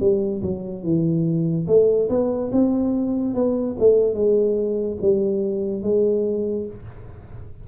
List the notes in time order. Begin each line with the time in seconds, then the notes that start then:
0.00 G3
0.42 F#3
0.83 E3
1.67 A3
2.09 B3
2.52 C4
3.34 B3
3.79 A3
4.14 G#3
5.01 G3
5.83 G#3